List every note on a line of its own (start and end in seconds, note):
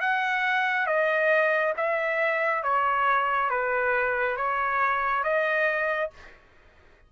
0.00 0.86 F#5
0.86 1.73 D#5
1.76 2.63 E5
2.63 3.50 C#5
3.50 4.36 B4
4.36 5.23 C#5
5.23 6.10 D#5